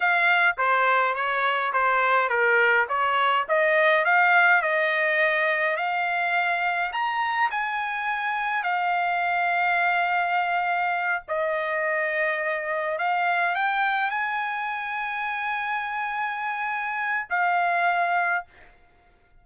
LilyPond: \new Staff \with { instrumentName = "trumpet" } { \time 4/4 \tempo 4 = 104 f''4 c''4 cis''4 c''4 | ais'4 cis''4 dis''4 f''4 | dis''2 f''2 | ais''4 gis''2 f''4~ |
f''2.~ f''8 dis''8~ | dis''2~ dis''8 f''4 g''8~ | g''8 gis''2.~ gis''8~ | gis''2 f''2 | }